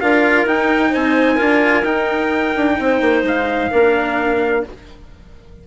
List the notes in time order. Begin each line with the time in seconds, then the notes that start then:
0.00 D4 F4 A#4 F5
0.46 D#4 G5
0.90 C4 C5 G#5
1.35 D4 F4 A#4
1.84 D#4 G5
2.56 D4
2.79 C4 C5
3.02 A#3
3.23 G#3 F5
3.71 A#3 D4 A#4